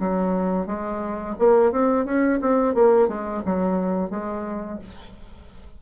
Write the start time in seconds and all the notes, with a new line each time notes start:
0.00 F#3
0.67 G#3
1.39 A#3
1.72 C4
2.06 C#4
2.42 C4
2.75 A#3
3.08 G#3
3.46 F#3
4.11 G#3